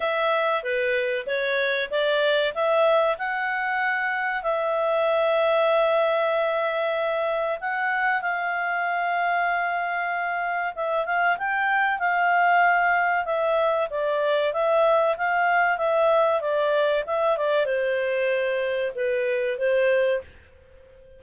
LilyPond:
\new Staff \with { instrumentName = "clarinet" } { \time 4/4 \tempo 4 = 95 e''4 b'4 cis''4 d''4 | e''4 fis''2 e''4~ | e''1 | fis''4 f''2.~ |
f''4 e''8 f''8 g''4 f''4~ | f''4 e''4 d''4 e''4 | f''4 e''4 d''4 e''8 d''8 | c''2 b'4 c''4 | }